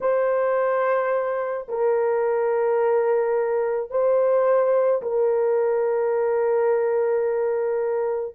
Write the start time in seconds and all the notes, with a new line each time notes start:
0.00 C5
1.68 A#4
3.90 C5
5.02 A#4